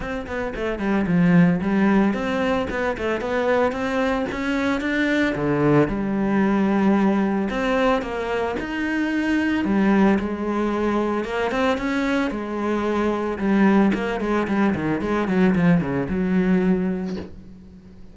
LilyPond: \new Staff \with { instrumentName = "cello" } { \time 4/4 \tempo 4 = 112 c'8 b8 a8 g8 f4 g4 | c'4 b8 a8 b4 c'4 | cis'4 d'4 d4 g4~ | g2 c'4 ais4 |
dis'2 g4 gis4~ | gis4 ais8 c'8 cis'4 gis4~ | gis4 g4 ais8 gis8 g8 dis8 | gis8 fis8 f8 cis8 fis2 | }